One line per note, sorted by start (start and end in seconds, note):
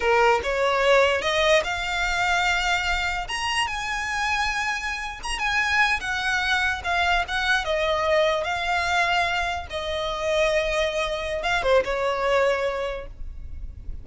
0.00 0.40 A#4
0.43 1.21 C#5
1.21 1.62 D#5
1.64 3.27 F5
3.28 3.67 A#5
3.67 5.20 G#5
5.23 5.38 A#5
5.38 6.00 G#5
6.00 6.82 F#5
6.84 7.24 F5
7.28 7.64 F#5
7.64 8.44 D#5
8.44 9.66 F5
9.70 11.42 D#5
11.42 11.62 F5
11.62 11.83 C5
11.84 13.06 C#5